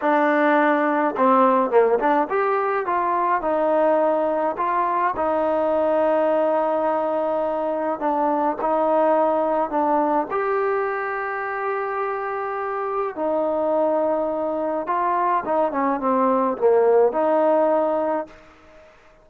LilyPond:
\new Staff \with { instrumentName = "trombone" } { \time 4/4 \tempo 4 = 105 d'2 c'4 ais8 d'8 | g'4 f'4 dis'2 | f'4 dis'2.~ | dis'2 d'4 dis'4~ |
dis'4 d'4 g'2~ | g'2. dis'4~ | dis'2 f'4 dis'8 cis'8 | c'4 ais4 dis'2 | }